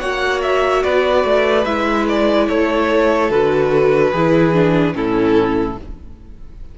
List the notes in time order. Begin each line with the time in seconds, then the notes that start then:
0.00 A#3 F#4 C#5 F#5
0.43 E5
0.83 B3 B4 D5
1.25 A3
1.65 G#3 E4 E5
2.09 D5
2.48 A3 A4 C#5
3.30 D3 F#4 B4
4.12 E3 E4 G#4
4.54 D4
4.94 A2 C#4 E4 A4